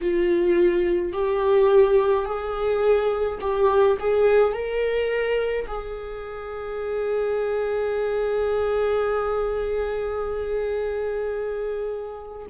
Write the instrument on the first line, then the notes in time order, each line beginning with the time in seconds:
viola
0.01 F4
1.13 G4
2.25 G#4
3.40 G4
3.99 G#4
4.53 A#4
5.67 G#4